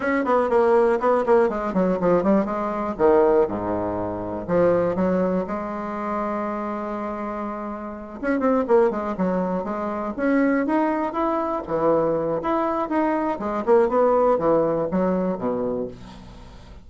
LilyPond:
\new Staff \with { instrumentName = "bassoon" } { \time 4/4 \tempo 4 = 121 cis'8 b8 ais4 b8 ais8 gis8 fis8 | f8 g8 gis4 dis4 gis,4~ | gis,4 f4 fis4 gis4~ | gis1~ |
gis8 cis'8 c'8 ais8 gis8 fis4 gis8~ | gis8 cis'4 dis'4 e'4 e8~ | e4 e'4 dis'4 gis8 ais8 | b4 e4 fis4 b,4 | }